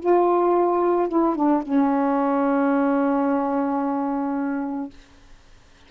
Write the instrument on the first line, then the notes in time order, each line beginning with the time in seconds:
saxophone
0.00 F4
1.09 E4
1.36 D4
1.63 C#4